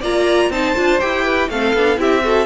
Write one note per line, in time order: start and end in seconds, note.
0.00 0.50 A#3
0.00 0.52 F4
0.00 0.49 D5
0.00 0.52 A#5
0.50 0.74 C4
0.50 0.75 D#4
0.50 1.24 C5
0.50 1.00 A5
0.75 1.02 D4
0.75 1.00 F4
1.00 1.49 E4
1.00 1.49 G4
1.00 1.49 G5
1.24 1.49 B4
1.49 1.74 A3
1.49 1.76 C4
1.49 2.00 A4
1.49 1.99 F5
1.74 1.98 B3
1.74 1.97 D4
1.97 2.46 C4
1.97 2.22 E4
1.97 2.24 G4
1.97 2.46 E5
2.23 2.46 F#4
2.23 2.46 A4